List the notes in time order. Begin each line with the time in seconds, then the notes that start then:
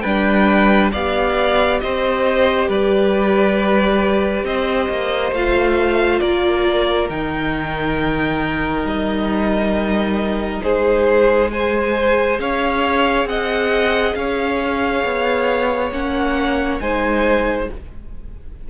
0.00 G3 D4 B4 G5
0.92 B3 G4 D5 F5
1.80 C4 C5 D#5
2.68 G3 B4 D5
4.44 C4 C5 D#5
4.89 A#3
5.31 A3 F4 F5
6.19 A#3 A#4 D5
7.09 D#3 D#4 G5
8.84 G3 D#5
10.63 G#3 G#4 C5
11.51 G#4 C5 G#5
12.39 C#4 C#5 F5
13.25 C4 D#5 F#5
14.15 C#4 C#5 F5
15.03 B3
15.91 A#3 C#4 F#5
16.80 G#3 D#4 C5 G#5